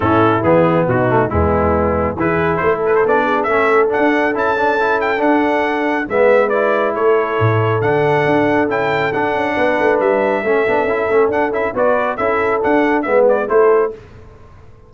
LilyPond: <<
  \new Staff \with { instrumentName = "trumpet" } { \time 4/4 \tempo 4 = 138 a'4 gis'4 fis'4 e'4~ | e'4 b'4 c''8 b'16 c''16 d''4 | e''4 fis''4 a''4. g''8 | fis''2 e''4 d''4 |
cis''2 fis''2 | g''4 fis''2 e''4~ | e''2 fis''8 e''8 d''4 | e''4 fis''4 e''8 d''8 c''4 | }
  \new Staff \with { instrumentName = "horn" } { \time 4/4 e'2 dis'4 b4~ | b4 gis'4 a'4. gis'8 | a'1~ | a'2 b'2 |
a'1~ | a'2 b'2 | a'2. b'4 | a'2 b'4 a'4 | }
  \new Staff \with { instrumentName = "trombone" } { \time 4/4 cis'4 b4. a8 gis4~ | gis4 e'2 d'4 | cis'4 d'4 e'8 d'8 e'4 | d'2 b4 e'4~ |
e'2 d'2 | e'4 d'2. | cis'8 d'8 e'8 cis'8 d'8 e'8 fis'4 | e'4 d'4 b4 e'4 | }
  \new Staff \with { instrumentName = "tuba" } { \time 4/4 a,4 e4 b,4 e,4~ | e,4 e4 a4 b4 | a4 d'4 cis'2 | d'2 gis2 |
a4 a,4 d4 d'4 | cis'4 d'8 cis'8 b8 a8 g4 | a8 b8 cis'8 a8 d'8 cis'8 b4 | cis'4 d'4 gis4 a4 | }
>>